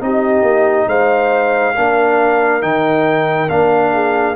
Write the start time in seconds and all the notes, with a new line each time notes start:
0.00 C4 D#4 G4 D#5
0.42 A#3
0.86 G#3 C5 F5
1.75 A#3 D4 A#4
2.61 D#3 D#4 G5
3.48 A#3 D4 F5
3.93 G#4